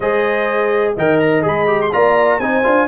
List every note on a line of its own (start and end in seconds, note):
0.00 0.95 G#3
0.00 0.97 G#4
0.00 0.94 C5
0.00 0.94 D#5
0.95 1.44 D#3
0.95 1.42 A#4
0.95 1.91 D#5
0.95 1.19 G5
1.19 1.43 A#5
1.42 1.93 G#3
1.42 1.66 G#4
1.42 1.81 B5
1.66 1.90 G4
1.81 1.93 C6
1.92 2.39 A#3
1.92 2.40 F4
1.92 2.41 D5
1.92 2.39 A#5
2.39 2.63 C4
2.39 2.63 D#4
2.39 2.87 C5
2.39 2.87 G#5
2.63 2.87 D4
2.63 2.87 F4